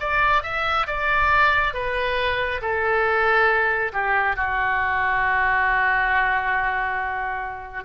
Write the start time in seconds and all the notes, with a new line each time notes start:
0.00 D5
0.43 E5
0.87 D5
1.74 B4
2.61 A4
3.93 G4
4.36 F#4